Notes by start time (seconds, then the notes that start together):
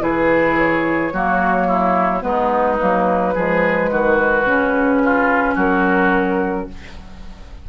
0.00 E3 E4 G#4 B4
0.58 C#5
1.13 F#3 A#3 F#4
1.67 E4
2.20 G#3 B3 D#4 B4
2.78 F#3 A#3
3.34 F3 G#3 G#4
3.91 D#3 F#4
4.45 C#3 C#4
5.04 F4
5.55 F#3 F#4 A#4